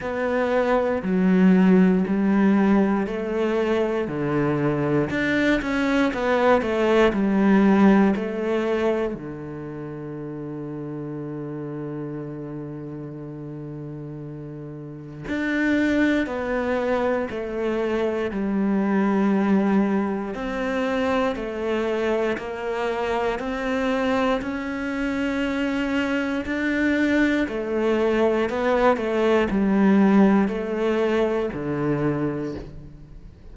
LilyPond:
\new Staff \with { instrumentName = "cello" } { \time 4/4 \tempo 4 = 59 b4 fis4 g4 a4 | d4 d'8 cis'8 b8 a8 g4 | a4 d2.~ | d2. d'4 |
b4 a4 g2 | c'4 a4 ais4 c'4 | cis'2 d'4 a4 | b8 a8 g4 a4 d4 | }